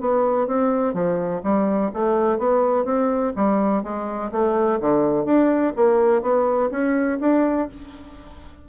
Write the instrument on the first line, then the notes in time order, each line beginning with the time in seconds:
bassoon
0.00 B3
0.47 C4
0.93 F3
1.43 G3
1.93 A3
2.38 B3
2.84 C4
3.36 G3
3.83 G#3
4.31 A3
4.80 D3
5.25 D4
5.76 A#3
6.22 B3
6.70 C#4
7.20 D4